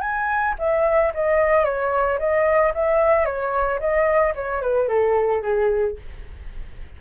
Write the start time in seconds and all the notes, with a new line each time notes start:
0.00 G#5
0.58 E5
1.14 D#5
1.64 C#5
2.19 D#5
2.74 E5
3.25 C#5
3.79 D#5
4.35 C#5
4.61 B4
4.88 A4
5.42 G#4